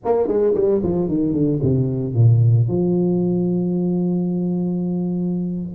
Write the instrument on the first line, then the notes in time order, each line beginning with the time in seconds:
tuba
0.04 A#3
0.27 G#3
0.54 G3
0.83 F3
1.08 D#3
1.33 D3
1.62 C3
2.14 A#2
2.68 F3